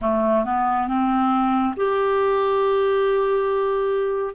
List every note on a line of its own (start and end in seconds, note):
0.01 0.44 A3
0.45 0.87 B3
0.87 1.74 C4
1.76 4.34 G4